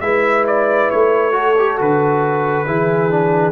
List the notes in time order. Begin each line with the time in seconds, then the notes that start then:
0.00 G#3 E4 B4 E5
0.46 D5
0.90 A3 C#5
1.32 F#4 A4
1.58 G4
1.77 D3 F#4 B4
2.66 E3 E4 G#4
3.10 D4